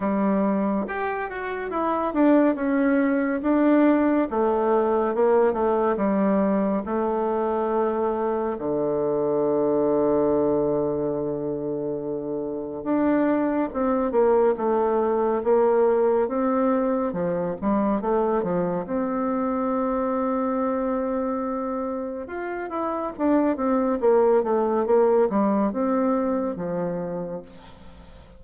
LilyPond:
\new Staff \with { instrumentName = "bassoon" } { \time 4/4 \tempo 4 = 70 g4 g'8 fis'8 e'8 d'8 cis'4 | d'4 a4 ais8 a8 g4 | a2 d2~ | d2. d'4 |
c'8 ais8 a4 ais4 c'4 | f8 g8 a8 f8 c'2~ | c'2 f'8 e'8 d'8 c'8 | ais8 a8 ais8 g8 c'4 f4 | }